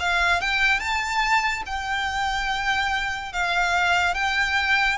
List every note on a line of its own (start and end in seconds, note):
0.00 0.41 F5
0.41 0.80 G5
0.80 1.63 A5
1.66 3.33 G5
3.33 4.15 F5
4.15 4.98 G5